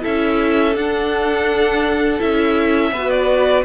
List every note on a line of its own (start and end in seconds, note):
0.00 0.75 C#4
0.00 0.72 E4
0.00 2.90 A4
0.00 0.76 E5
0.75 2.19 D4
0.75 2.20 F#5
2.19 2.91 C#4
2.19 2.91 E4
2.19 3.10 E5
2.91 3.64 B3
2.91 3.64 F#4
2.91 3.64 B4
3.10 3.64 D5